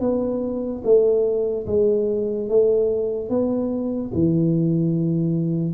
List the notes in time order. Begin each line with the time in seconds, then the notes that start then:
0.00 B3
0.84 A3
1.66 G#3
2.49 A3
3.29 B3
4.14 E3